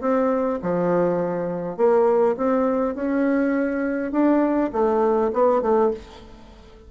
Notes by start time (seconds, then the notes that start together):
0.00 C4
0.62 F3
1.77 A#3
2.37 C4
2.95 C#4
4.11 D4
4.72 A3
5.32 B3
5.61 A3